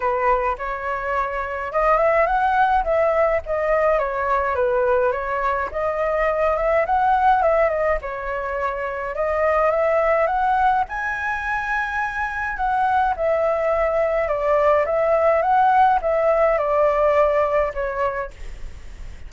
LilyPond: \new Staff \with { instrumentName = "flute" } { \time 4/4 \tempo 4 = 105 b'4 cis''2 dis''8 e''8 | fis''4 e''4 dis''4 cis''4 | b'4 cis''4 dis''4. e''8 | fis''4 e''8 dis''8 cis''2 |
dis''4 e''4 fis''4 gis''4~ | gis''2 fis''4 e''4~ | e''4 d''4 e''4 fis''4 | e''4 d''2 cis''4 | }